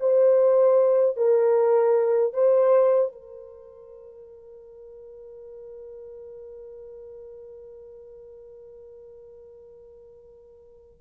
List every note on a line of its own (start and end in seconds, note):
0.00 1.17 C5
1.17 2.34 A#4
2.34 3.12 C5
3.12 11.01 A#4